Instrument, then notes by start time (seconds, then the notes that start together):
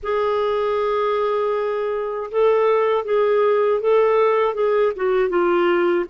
clarinet
0.02 G#4
2.31 A4
3.04 G#4
3.80 A4
4.54 G#4
4.96 F#4
5.29 F4